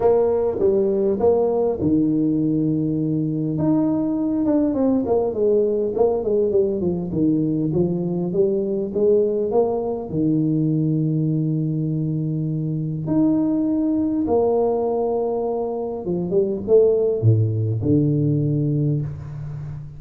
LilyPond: \new Staff \with { instrumentName = "tuba" } { \time 4/4 \tempo 4 = 101 ais4 g4 ais4 dis4~ | dis2 dis'4. d'8 | c'8 ais8 gis4 ais8 gis8 g8 f8 | dis4 f4 g4 gis4 |
ais4 dis2.~ | dis2 dis'2 | ais2. f8 g8 | a4 a,4 d2 | }